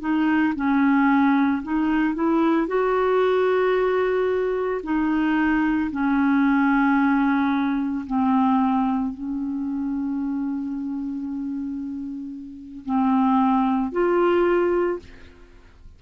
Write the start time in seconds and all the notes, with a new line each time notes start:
0.00 D#4
0.55 C#4
1.63 D#4
2.14 E4
2.67 F#4
4.83 D#4
5.91 C#4
8.06 C4
9.14 C#4
12.85 C4
13.92 F4